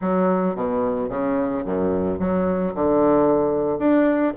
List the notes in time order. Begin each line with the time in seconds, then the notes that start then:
0.01 F#3
0.55 B2
1.09 C#3
1.65 F#2
2.19 F#3
2.74 D3
3.78 D4